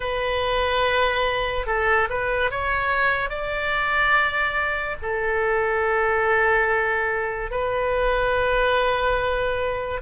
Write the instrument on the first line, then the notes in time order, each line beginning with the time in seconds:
oboe
0.00 B4
1.66 A4
2.09 B4
2.50 C#5
3.29 D5
5.02 A4
7.50 B4